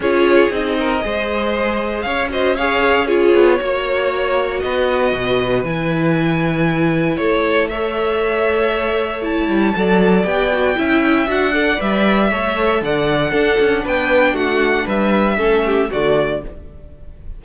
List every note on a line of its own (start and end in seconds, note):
0.00 0.48 C#4
0.00 0.51 F4
0.00 0.77 G#4
0.00 0.52 C#5
0.50 1.01 C4
0.50 1.00 D#4
0.50 2.02 D#5
0.78 1.04 A#4
1.00 2.05 G#3
1.00 2.28 G#4
1.00 2.04 C5
2.02 3.33 C#4
2.02 2.30 C#5
2.02 2.27 F5
2.29 2.55 F#4
2.29 2.55 C5
2.29 2.56 D#5
2.55 3.07 G#4
2.55 3.06 C#5
2.55 3.07 F5
3.06 3.58 F4
3.06 3.57 G#4
3.06 4.59 C#5
3.33 3.59 B3
3.59 4.63 A#3
3.59 5.64 F#4
3.59 4.62 C#5
4.59 5.12 B3
4.59 7.20 B4
4.59 5.62 D#5
5.12 5.63 B2
5.63 7.17 E3
5.63 7.70 E4
5.63 7.16 G#5
7.16 9.47 A3
7.16 7.71 A4
7.16 7.68 C#5
7.68 9.22 A4
7.68 9.76 C#5
7.68 9.22 E5
9.22 9.73 E4
9.22 10.24 A5
9.47 9.73 G3
9.75 10.24 F#3
9.75 10.24 A4
9.75 10.77 D5
10.24 10.75 B3
10.24 10.49 G4
10.24 11.27 G5
10.53 10.75 F#4
10.75 11.27 C#4
10.75 11.26 E4
10.75 11.53 E5
11.26 11.78 D4
11.26 11.52 F#4
11.26 11.80 F#5
11.52 11.76 A4
11.52 12.30 D5
11.76 12.31 G3
11.76 12.28 B4
11.76 12.83 E5
12.30 12.81 A3
12.30 13.32 A4
12.30 12.81 C#5
12.81 13.32 D3
12.81 13.31 D5
12.81 13.86 F#5
13.31 13.57 D4
13.31 15.37 D4
13.31 13.82 A4
13.59 13.85 C#4
13.84 14.33 B3
13.84 14.33 B4
13.84 14.35 G5
14.33 14.84 A3
14.33 14.85 F#4
14.33 14.87 F#5
14.85 15.38 G3
14.85 15.36 B4
14.85 15.91 E5
15.37 15.89 A3
15.37 15.88 C#4
15.37 15.63 A4
15.65 15.90 G4
15.90 16.44 D3
15.90 16.42 A3
15.90 16.41 F#4
15.90 16.43 D5